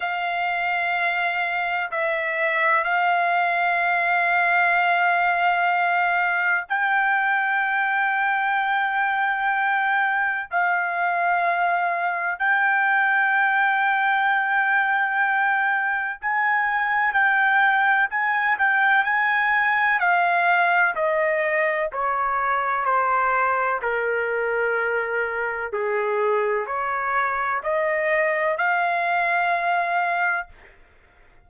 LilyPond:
\new Staff \with { instrumentName = "trumpet" } { \time 4/4 \tempo 4 = 63 f''2 e''4 f''4~ | f''2. g''4~ | g''2. f''4~ | f''4 g''2.~ |
g''4 gis''4 g''4 gis''8 g''8 | gis''4 f''4 dis''4 cis''4 | c''4 ais'2 gis'4 | cis''4 dis''4 f''2 | }